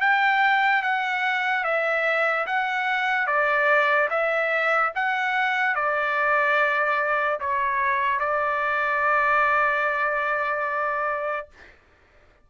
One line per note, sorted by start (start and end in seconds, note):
0.00 0.82 G5
0.82 1.64 F#5
1.64 2.46 E5
2.46 3.27 F#5
3.27 4.09 D5
4.10 4.92 E5
4.95 5.75 F#5
5.75 7.39 D5
7.40 8.19 C#5
8.19 11.48 D5